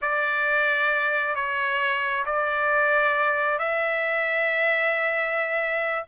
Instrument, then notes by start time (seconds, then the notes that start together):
trumpet
0.01 D5
1.35 C#5
2.25 D5
3.58 E5